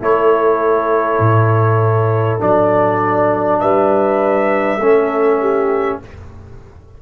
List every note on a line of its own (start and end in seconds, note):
0.00 1.19 A3
0.00 2.39 E4
0.00 3.60 A4
0.00 2.41 C#5
1.19 2.39 A2
2.39 3.62 F#3
2.39 4.79 D4
2.39 3.60 D5
3.60 4.78 G3
3.60 4.80 B4
3.60 6.00 E5
4.78 5.98 A3
4.78 6.02 C#4
4.78 5.40 A4
5.40 6.00 G4